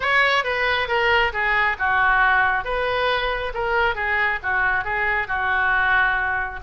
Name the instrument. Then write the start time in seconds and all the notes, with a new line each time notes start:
oboe
0.00 C#5
0.44 B4
0.88 A#4
1.32 G#4
1.78 F#4
2.64 B4
3.54 A#4
3.95 G#4
4.42 F#4
4.84 G#4
5.27 F#4